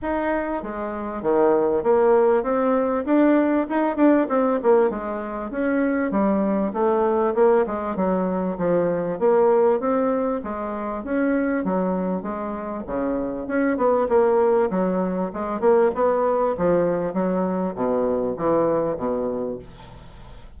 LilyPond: \new Staff \with { instrumentName = "bassoon" } { \time 4/4 \tempo 4 = 98 dis'4 gis4 dis4 ais4 | c'4 d'4 dis'8 d'8 c'8 ais8 | gis4 cis'4 g4 a4 | ais8 gis8 fis4 f4 ais4 |
c'4 gis4 cis'4 fis4 | gis4 cis4 cis'8 b8 ais4 | fis4 gis8 ais8 b4 f4 | fis4 b,4 e4 b,4 | }